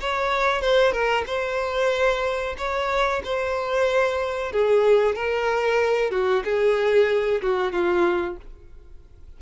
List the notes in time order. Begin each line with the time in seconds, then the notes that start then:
0.00 C#5
0.61 C5
0.92 A#4
1.26 C5
2.57 C#5
3.24 C5
4.52 G#4
5.15 A#4
6.11 F#4
6.44 G#4
7.42 F#4
7.72 F4